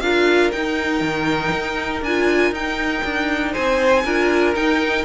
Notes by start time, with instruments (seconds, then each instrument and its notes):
0.00 cello D4, viola F4, violin A#4 F5
0.52 viola D#4, cello D#4, violin G5
1.00 cello D#3
1.52 cello D#4
2.02 cello D4, viola F4, violin G#5
2.51 cello D#4, viola D#4, violin G5
3.04 cello D4
3.52 cello C4, violin C5 G#5
4.04 cello D4, viola F4, violin A#4
4.55 viola D#4, cello D#4, violin G5